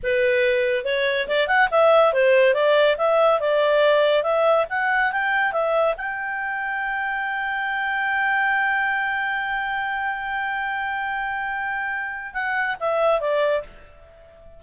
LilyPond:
\new Staff \with { instrumentName = "clarinet" } { \time 4/4 \tempo 4 = 141 b'2 cis''4 d''8 fis''8 | e''4 c''4 d''4 e''4 | d''2 e''4 fis''4 | g''4 e''4 g''2~ |
g''1~ | g''1~ | g''1~ | g''4 fis''4 e''4 d''4 | }